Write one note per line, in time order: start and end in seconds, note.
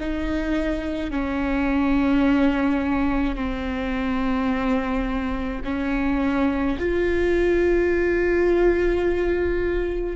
0.00 1.11 D#4
1.11 3.36 C#4
3.36 5.62 C4
5.64 6.78 C#4
6.79 10.16 F4